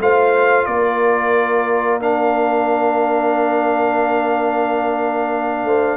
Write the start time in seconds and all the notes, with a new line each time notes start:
0.00 A3 F4 C5 F5
0.66 A#3 A#4 D5
2.01 D4 F5
5.65 A3 C5